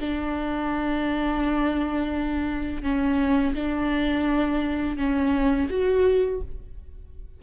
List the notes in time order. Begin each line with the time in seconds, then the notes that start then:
0.00 D4
2.82 C#4
3.54 D4
4.97 C#4
5.69 F#4